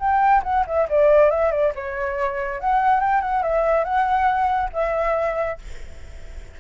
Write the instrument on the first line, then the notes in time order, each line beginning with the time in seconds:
flute
0.00 G5
0.44 F#5
0.67 E5
0.90 D5
1.31 E5
1.52 D5
1.75 C#5
2.61 F#5
3.01 G5
3.22 F#5
3.43 E5
3.85 F#5
4.74 E5